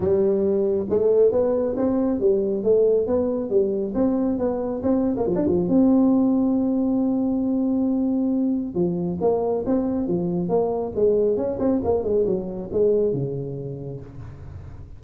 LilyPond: \new Staff \with { instrumentName = "tuba" } { \time 4/4 \tempo 4 = 137 g2 a4 b4 | c'4 g4 a4 b4 | g4 c'4 b4 c'8. ais16 | f16 d'16 f8 c'2.~ |
c'1 | f4 ais4 c'4 f4 | ais4 gis4 cis'8 c'8 ais8 gis8 | fis4 gis4 cis2 | }